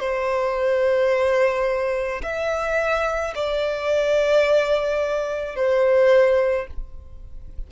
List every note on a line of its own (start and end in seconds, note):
0.00 2.22 C5
2.23 3.34 E5
3.35 5.56 D5
5.56 6.67 C5